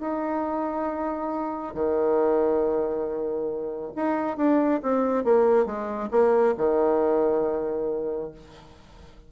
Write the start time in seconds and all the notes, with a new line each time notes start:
0.00 D#4
1.74 D#3
3.95 D#4
4.37 D4
4.82 C4
5.24 A#3
5.65 G#3
6.10 A#3
6.57 D#3